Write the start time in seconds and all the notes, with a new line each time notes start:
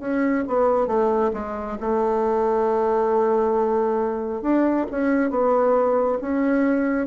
0.00 C#4
0.47 B3
0.87 A3
1.34 G#3
1.80 A3
4.42 D4
4.91 C#4
5.30 B3
6.21 C#4